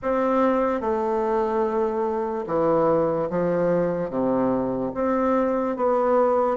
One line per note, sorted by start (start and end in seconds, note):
0.02 0.80 C4
0.80 2.45 A3
2.46 3.28 E3
3.30 4.09 F3
4.09 4.92 C3
4.94 5.76 C4
5.76 6.57 B3